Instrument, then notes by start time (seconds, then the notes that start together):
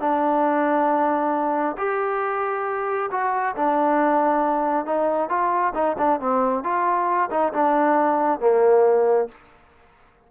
trombone
0.00 D4
1.77 G4
3.11 F#4
3.56 D4
4.86 D#4
5.29 F4
5.74 D#4
5.98 D4
6.20 C4
6.63 F4
7.31 D#4
7.53 D4
8.40 A#3